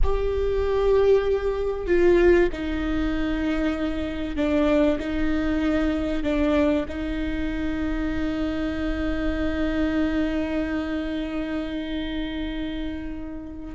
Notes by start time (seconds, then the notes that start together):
0.03 G4
1.86 F4
2.52 D#4
4.36 D4
4.99 D#4
6.23 D4
6.88 D#4